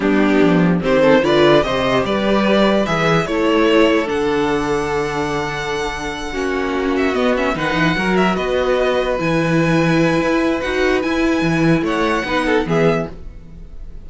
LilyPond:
<<
  \new Staff \with { instrumentName = "violin" } { \time 4/4 \tempo 4 = 147 g'2 c''4 d''4 | dis''4 d''2 e''4 | cis''2 fis''2~ | fis''1~ |
fis''4 e''8 dis''8 e''8 fis''4. | e''8 dis''2 gis''4.~ | gis''2 fis''4 gis''4~ | gis''4 fis''2 e''4 | }
  \new Staff \with { instrumentName = "violin" } { \time 4/4 d'2 g'8 a'8 b'4 | c''4 b'2. | a'1~ | a'2.~ a'8 fis'8~ |
fis'2~ fis'8 b'4 ais'8~ | ais'8 b'2.~ b'8~ | b'1~ | b'4 cis''4 b'8 a'8 gis'4 | }
  \new Staff \with { instrumentName = "viola" } { \time 4/4 b2 c'4 f'4 | g'2. gis'4 | e'2 d'2~ | d'2.~ d'8 cis'8~ |
cis'4. b8 cis'8 dis'4 fis'8~ | fis'2~ fis'8 e'4.~ | e'2 fis'4 e'4~ | e'2 dis'4 b4 | }
  \new Staff \with { instrumentName = "cello" } { \time 4/4 g4 f4 dis4 d4 | c4 g2 e4 | a2 d2~ | d2.~ d8 ais8~ |
ais4. b4 dis8 e8 fis8~ | fis8 b2 e4.~ | e4 e'4 dis'4 e'4 | e4 a4 b4 e4 | }
>>